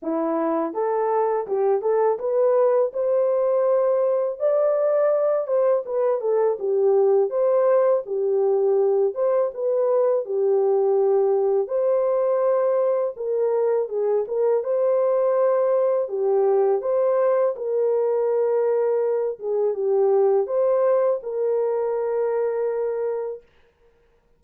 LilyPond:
\new Staff \with { instrumentName = "horn" } { \time 4/4 \tempo 4 = 82 e'4 a'4 g'8 a'8 b'4 | c''2 d''4. c''8 | b'8 a'8 g'4 c''4 g'4~ | g'8 c''8 b'4 g'2 |
c''2 ais'4 gis'8 ais'8 | c''2 g'4 c''4 | ais'2~ ais'8 gis'8 g'4 | c''4 ais'2. | }